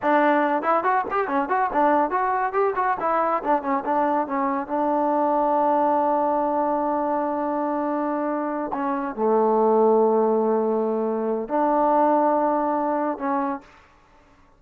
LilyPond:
\new Staff \with { instrumentName = "trombone" } { \time 4/4 \tempo 4 = 141 d'4. e'8 fis'8 g'8 cis'8 fis'8 | d'4 fis'4 g'8 fis'8 e'4 | d'8 cis'8 d'4 cis'4 d'4~ | d'1~ |
d'1~ | d'8 cis'4 a2~ a8~ | a2. d'4~ | d'2. cis'4 | }